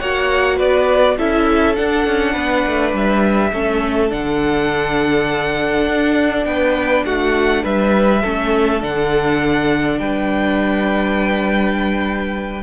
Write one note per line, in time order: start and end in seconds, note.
0.00 0.60 A#3
0.00 1.18 F#4
0.00 0.56 C#5
0.00 0.59 F#5
0.56 1.19 B3
0.56 1.15 B4
0.56 1.18 D5
1.18 1.78 C#4
1.18 1.76 E4
1.18 2.33 A4
1.18 1.76 E5
1.76 3.53 D4
1.76 2.07 D4
1.76 2.94 F#5
2.07 2.36 C#4
2.33 2.65 B3
2.33 3.50 B4
2.67 2.94 A3
2.94 3.53 G3
2.94 4.12 E5
3.53 4.12 A3
3.53 4.10 C#4
3.53 6.47 A4
4.10 5.87 D3
4.10 8.22 D4
4.10 6.45 F#5
5.87 6.46 D4
6.45 7.05 B3
6.45 7.06 B4
6.45 7.04 G5
7.06 7.64 A3
7.06 7.64 F#4
7.06 7.65 F#5
7.64 8.24 G3
7.64 8.22 B4
7.64 8.83 E5
8.22 8.83 A3
8.22 8.81 C#4
8.22 9.99 A4
8.81 10.00 D3
8.81 12.63 D4
8.81 9.99 F#5
9.99 12.64 G3
9.99 12.64 B4
9.99 12.64 G5